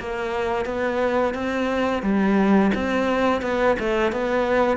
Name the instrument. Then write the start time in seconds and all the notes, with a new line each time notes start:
cello
0.00 A#3
0.66 B3
1.34 C4
2.03 G3
2.75 C4
3.42 B3
3.80 A3
4.13 B3